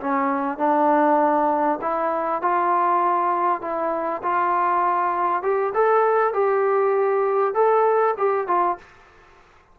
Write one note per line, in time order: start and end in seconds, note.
0.00 0.58 C#4
0.58 1.79 D4
1.81 2.42 E4
2.42 3.61 F4
3.61 4.22 E4
4.23 5.43 F4
5.43 5.73 G4
5.74 6.34 A4
6.34 7.54 G4
7.54 8.15 A4
8.18 8.47 G4
8.47 8.78 F4